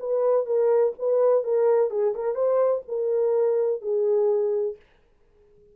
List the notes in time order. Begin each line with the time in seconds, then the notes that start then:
0.00 B4
0.46 A#4
0.99 B4
1.44 A#4
1.91 G#4
2.15 A#4
2.35 C5
2.88 A#4
3.82 G#4